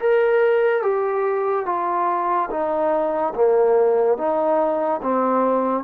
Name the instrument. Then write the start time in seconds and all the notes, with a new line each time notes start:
trombone
0.00 A#4
0.83 G4
1.66 F4
2.50 D#4
3.35 A#3
4.18 D#4
5.03 C4